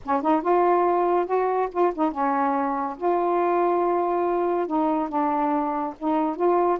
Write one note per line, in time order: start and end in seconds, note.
0.05 0.22 C#4
0.22 0.42 D#4
0.42 1.26 F4
1.26 1.68 F#4
1.71 1.92 F4
1.94 2.11 D#4
2.11 2.97 C#4
2.97 4.67 F4
4.67 5.09 D#4
5.09 5.94 D4
5.98 6.36 D#4
6.36 6.78 F4